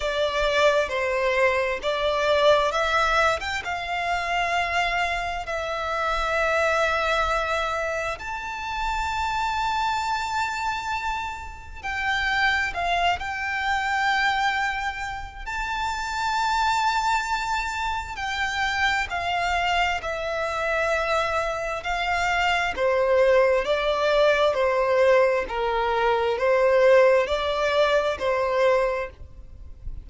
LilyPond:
\new Staff \with { instrumentName = "violin" } { \time 4/4 \tempo 4 = 66 d''4 c''4 d''4 e''8. g''16 | f''2 e''2~ | e''4 a''2.~ | a''4 g''4 f''8 g''4.~ |
g''4 a''2. | g''4 f''4 e''2 | f''4 c''4 d''4 c''4 | ais'4 c''4 d''4 c''4 | }